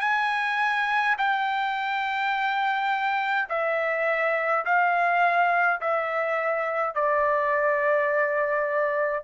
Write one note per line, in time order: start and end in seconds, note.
0.00 1.15 G#5
1.17 3.48 G5
3.49 4.64 E5
4.65 5.80 F5
5.81 6.94 E5
6.94 9.24 D5